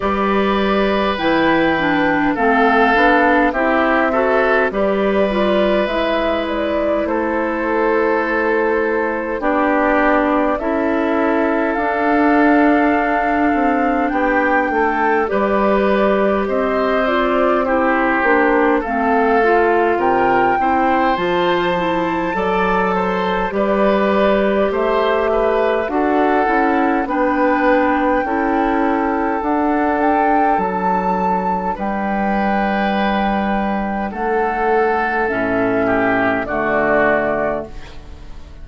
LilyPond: <<
  \new Staff \with { instrumentName = "flute" } { \time 4/4 \tempo 4 = 51 d''4 g''4 f''4 e''4 | d''4 e''8 d''8 c''2 | d''4 e''4 f''2 | g''4 d''4 dis''8 d''8 c''4 |
f''4 g''4 a''2 | d''4 e''4 fis''4 g''4~ | g''4 fis''8 g''8 a''4 g''4~ | g''4 fis''4 e''4 d''4 | }
  \new Staff \with { instrumentName = "oboe" } { \time 4/4 b'2 a'4 g'8 a'8 | b'2 a'2 | g'4 a'2. | g'8 a'8 b'4 c''4 g'4 |
a'4 ais'8 c''4. d''8 c''8 | b'4 c''8 b'8 a'4 b'4 | a'2. b'4~ | b'4 a'4. g'8 fis'4 | }
  \new Staff \with { instrumentName = "clarinet" } { \time 4/4 g'4 e'8 d'8 c'8 d'8 e'8 fis'8 | g'8 f'8 e'2. | d'4 e'4 d'2~ | d'4 g'4. f'8 e'8 d'8 |
c'8 f'4 e'8 f'8 e'8 a'4 | g'2 fis'8 e'8 d'4 | e'4 d'2.~ | d'2 cis'4 a4 | }
  \new Staff \with { instrumentName = "bassoon" } { \time 4/4 g4 e4 a8 b8 c'4 | g4 gis4 a2 | b4 cis'4 d'4. c'8 | b8 a8 g4 c'4. ais8 |
a4 c8 c'8 f4 fis4 | g4 a4 d'8 cis'8 b4 | cis'4 d'4 fis4 g4~ | g4 a4 a,4 d4 | }
>>